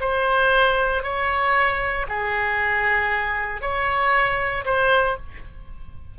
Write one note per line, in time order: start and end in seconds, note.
0.00 1.03 C5
1.03 2.06 C#5
2.08 3.61 G#4
3.61 4.65 C#5
4.65 5.17 C5